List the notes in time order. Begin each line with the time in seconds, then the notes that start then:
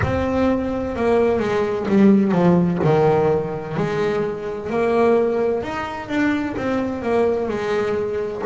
0.03 C4
0.95 A#3
1.39 G#3
1.88 G3
2.31 F3
2.84 D#3
3.77 G#3
4.70 A#3
5.62 D#4
6.08 D4
6.57 C4
7.02 A#3
7.48 G#3